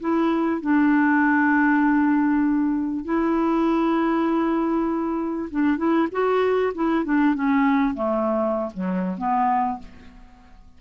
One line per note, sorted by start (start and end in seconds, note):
0.00 0.61 E4
0.61 3.04 D4
3.04 5.49 E4
5.51 5.77 D4
5.77 6.08 E4
6.12 6.73 F#4
6.74 7.05 E4
7.05 7.35 D4
7.35 7.94 C#4
7.94 8.70 A3
8.74 9.18 F#3
9.18 9.79 B3